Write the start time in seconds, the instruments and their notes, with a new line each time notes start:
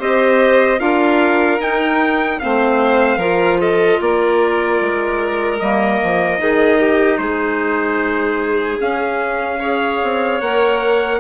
0.00 bassoon C4, clarinet G4, violin C5, trumpet D#5
0.79 bassoon D4, clarinet F4, violin A#4, trumpet F5
1.59 bassoon D#4, clarinet D#4, trumpet G5
2.40 bassoon A3, clarinet C4, violin C5, trumpet F5
3.17 bassoon F3, clarinet F4, violin A#4
3.61 violin A4, trumpet D#5
4.01 bassoon A#3, violin A#4, trumpet D5
4.81 bassoon G#3
5.60 bassoon G3, clarinet A#3, trumpet D#5
6.04 bassoon F3
6.39 bassoon D#3, clarinet D#4, violin G#4
6.80 violin G4
7.18 bassoon G#3, violin G#4, trumpet C5
8.80 clarinet C#4, bassoon C#4, trumpet F5
9.60 clarinet G#4, violin C#5
10.04 bassoon C4
10.41 bassoon A#3, clarinet A#4, trumpet F#5